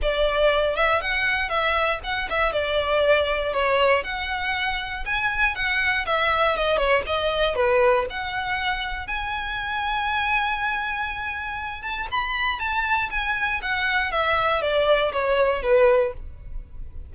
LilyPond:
\new Staff \with { instrumentName = "violin" } { \time 4/4 \tempo 4 = 119 d''4. e''8 fis''4 e''4 | fis''8 e''8 d''2 cis''4 | fis''2 gis''4 fis''4 | e''4 dis''8 cis''8 dis''4 b'4 |
fis''2 gis''2~ | gis''2.~ gis''8 a''8 | b''4 a''4 gis''4 fis''4 | e''4 d''4 cis''4 b'4 | }